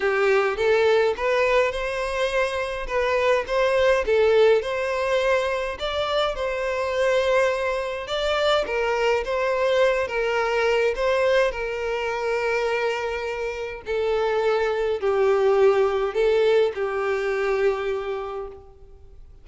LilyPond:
\new Staff \with { instrumentName = "violin" } { \time 4/4 \tempo 4 = 104 g'4 a'4 b'4 c''4~ | c''4 b'4 c''4 a'4 | c''2 d''4 c''4~ | c''2 d''4 ais'4 |
c''4. ais'4. c''4 | ais'1 | a'2 g'2 | a'4 g'2. | }